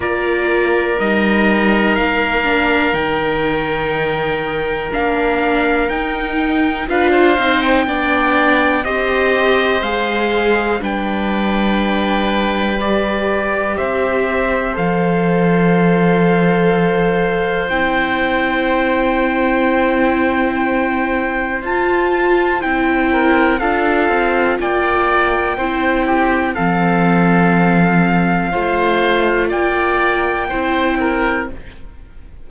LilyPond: <<
  \new Staff \with { instrumentName = "trumpet" } { \time 4/4 \tempo 4 = 61 d''4 dis''4 f''4 g''4~ | g''4 f''4 g''4 f''8. g''16~ | g''4 dis''4 f''4 g''4~ | g''4 d''4 e''4 f''4~ |
f''2 g''2~ | g''2 a''4 g''4 | f''4 g''2 f''4~ | f''2 g''2 | }
  \new Staff \with { instrumentName = "oboe" } { \time 4/4 ais'1~ | ais'2. b'16 c''8. | d''4 c''2 b'4~ | b'2 c''2~ |
c''1~ | c''2.~ c''8 ais'8 | a'4 d''4 c''8 g'8 a'4~ | a'4 c''4 d''4 c''8 ais'8 | }
  \new Staff \with { instrumentName = "viola" } { \time 4/4 f'4 dis'4. d'8 dis'4~ | dis'4 d'4 dis'4 f'8 dis'8 | d'4 g'4 gis'4 d'4~ | d'4 g'2 a'4~ |
a'2 e'2~ | e'2 f'4 e'4 | f'2 e'4 c'4~ | c'4 f'2 e'4 | }
  \new Staff \with { instrumentName = "cello" } { \time 4/4 ais4 g4 ais4 dis4~ | dis4 ais4 dis'4 d'8 c'8 | b4 c'4 gis4 g4~ | g2 c'4 f4~ |
f2 c'2~ | c'2 f'4 c'4 | d'8 c'8 ais4 c'4 f4~ | f4 a4 ais4 c'4 | }
>>